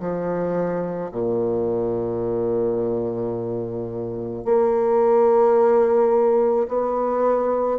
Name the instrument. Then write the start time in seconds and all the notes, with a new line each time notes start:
bassoon
0.00 F3
1.12 A#2
4.45 A#3
6.68 B3